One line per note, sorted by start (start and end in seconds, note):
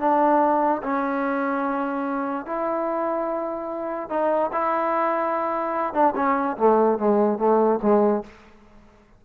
0.00 0.82 D4
0.83 2.46 C#4
2.46 4.10 E4
4.10 4.51 D#4
4.53 5.94 E4
5.94 6.14 D4
6.16 6.57 C#4
6.57 6.98 A3
6.99 7.39 G#3
7.39 7.80 A3
7.83 8.24 G#3